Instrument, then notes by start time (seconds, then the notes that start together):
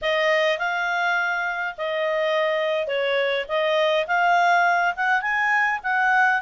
clarinet
0.01 D#5
0.58 F5
1.77 D#5
2.87 C#5
3.48 D#5
4.07 F5
4.96 F#5
5.21 G#5
5.83 F#5